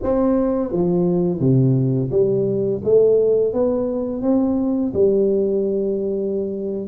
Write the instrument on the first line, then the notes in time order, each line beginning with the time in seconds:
tuba
0.02 C4
0.72 F3
1.39 C3
2.11 G3
2.84 A3
3.53 B3
4.22 C4
4.93 G3